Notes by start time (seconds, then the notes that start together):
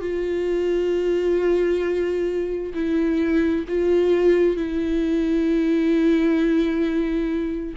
0.00 F4
2.74 E4
3.68 F4
4.56 E4